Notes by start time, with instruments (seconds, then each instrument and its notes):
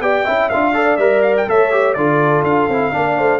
0.00 tuba B3, trombone G4, horn D5, trumpet G5
0.24 tuba C#4, trombone E4, horn E5
0.49 tuba D4, trombone F4, trumpet F5
0.73 trombone A4, horn D5
0.96 tuba G3, trombone A#4, trumpet E5
1.22 trumpet F5
1.37 trumpet G5
1.47 tuba A3, trombone A4, horn C#5, trumpet E5
1.72 trombone G4
1.93 tuba D3, trombone F4, horn A4, trumpet D5
2.43 tuba D4, trumpet F5
2.68 tuba C4, trombone E4
2.92 tuba A#3, trombone D4, horn D5
3.17 tuba A3, horn C5